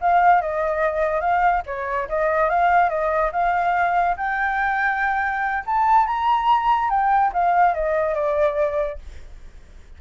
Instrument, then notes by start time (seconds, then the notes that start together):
flute
0.00 F5
0.41 D#5
1.20 F5
1.66 C#5
2.08 D#5
2.49 F5
2.89 D#5
3.32 F5
4.17 G5
5.66 A5
6.06 A#5
6.89 G5
7.33 F5
7.74 D#5
8.14 D5